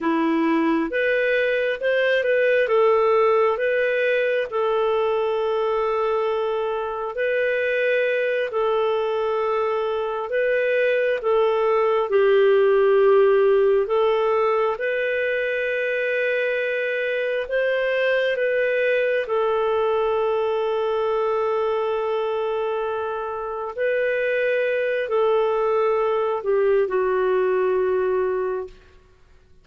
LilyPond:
\new Staff \with { instrumentName = "clarinet" } { \time 4/4 \tempo 4 = 67 e'4 b'4 c''8 b'8 a'4 | b'4 a'2. | b'4. a'2 b'8~ | b'8 a'4 g'2 a'8~ |
a'8 b'2. c''8~ | c''8 b'4 a'2~ a'8~ | a'2~ a'8 b'4. | a'4. g'8 fis'2 | }